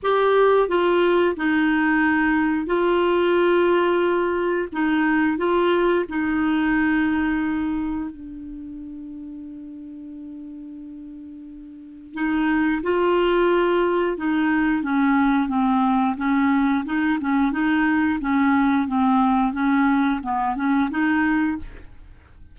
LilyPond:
\new Staff \with { instrumentName = "clarinet" } { \time 4/4 \tempo 4 = 89 g'4 f'4 dis'2 | f'2. dis'4 | f'4 dis'2. | d'1~ |
d'2 dis'4 f'4~ | f'4 dis'4 cis'4 c'4 | cis'4 dis'8 cis'8 dis'4 cis'4 | c'4 cis'4 b8 cis'8 dis'4 | }